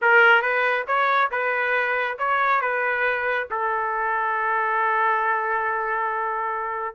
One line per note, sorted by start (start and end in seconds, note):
0.01 0.42 A#4
0.42 0.85 B4
0.87 1.30 C#5
1.31 2.18 B4
2.18 2.61 C#5
2.61 3.48 B4
3.50 6.95 A4